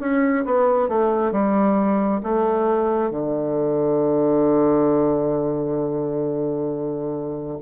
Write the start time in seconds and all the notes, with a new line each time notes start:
0.00 C#4
0.45 B3
0.89 A3
1.32 G3
2.23 A3
3.11 D3